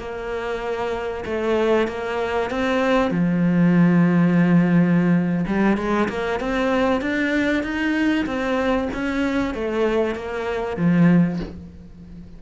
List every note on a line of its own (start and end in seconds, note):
0.00 1.25 A#3
1.26 1.88 A3
1.88 2.51 A#3
2.51 3.11 C4
3.11 5.46 F3
5.47 5.78 G3
5.78 6.09 G#3
6.09 6.41 A#3
6.41 7.02 C4
7.02 7.64 D4
7.64 8.26 D#4
8.27 8.89 C4
8.94 9.55 C#4
9.55 10.16 A3
10.16 10.78 A#3
10.78 11.40 F3